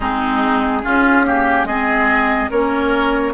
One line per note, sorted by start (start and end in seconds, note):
0.00 0.83 G#3
0.00 0.83 C4
0.00 0.82 D#4
0.00 1.66 G#4
0.83 1.24 C#4
0.83 1.64 C#4
0.83 1.26 F4
1.24 1.66 A#3
1.24 1.67 G4
1.64 2.47 G#3
1.64 2.51 C4
1.64 2.50 G#4
1.64 2.49 D#5
2.50 3.33 A#3
2.50 3.33 C#4
2.50 3.33 A#4
2.50 3.33 C#5